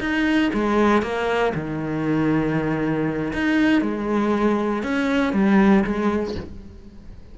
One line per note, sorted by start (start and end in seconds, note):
0.00 0.51 D#4
0.53 1.02 G#3
1.02 1.53 A#3
1.55 3.33 D#3
3.33 3.82 D#4
3.82 4.83 G#3
4.83 5.33 C#4
5.33 5.84 G3
5.85 6.35 G#3